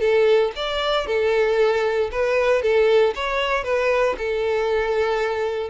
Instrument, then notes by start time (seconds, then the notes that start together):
violin
0.00 A4
0.56 D5
1.07 A4
2.11 B4
2.62 A4
3.15 C#5
3.64 B4
4.18 A4